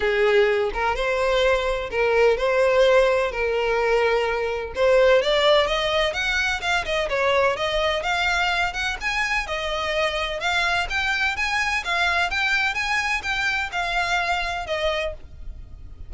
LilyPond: \new Staff \with { instrumentName = "violin" } { \time 4/4 \tempo 4 = 127 gis'4. ais'8 c''2 | ais'4 c''2 ais'4~ | ais'2 c''4 d''4 | dis''4 fis''4 f''8 dis''8 cis''4 |
dis''4 f''4. fis''8 gis''4 | dis''2 f''4 g''4 | gis''4 f''4 g''4 gis''4 | g''4 f''2 dis''4 | }